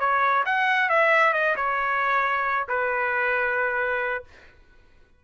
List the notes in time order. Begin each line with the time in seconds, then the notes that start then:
0.00 C#5
0.46 F#5
0.89 E5
1.34 D#5
1.56 C#5
2.68 B4